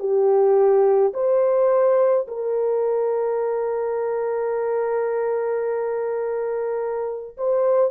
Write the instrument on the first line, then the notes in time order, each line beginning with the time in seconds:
horn
0.00 G4
1.14 C5
2.28 A#4
7.38 C5